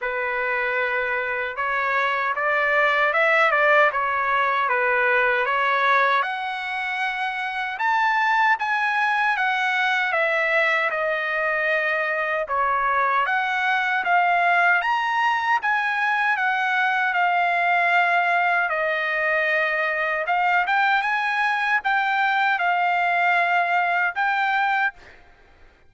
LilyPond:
\new Staff \with { instrumentName = "trumpet" } { \time 4/4 \tempo 4 = 77 b'2 cis''4 d''4 | e''8 d''8 cis''4 b'4 cis''4 | fis''2 a''4 gis''4 | fis''4 e''4 dis''2 |
cis''4 fis''4 f''4 ais''4 | gis''4 fis''4 f''2 | dis''2 f''8 g''8 gis''4 | g''4 f''2 g''4 | }